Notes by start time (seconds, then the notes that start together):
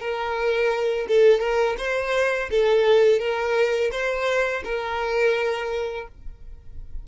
0.00 A#4
1.08 A4
1.41 A#4
1.78 C5
2.51 A4
3.20 A#4
3.92 C5
4.65 A#4